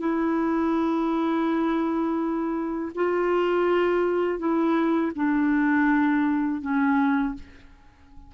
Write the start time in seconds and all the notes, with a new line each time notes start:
0.00 E4
2.95 F4
4.39 E4
5.16 D4
6.62 C#4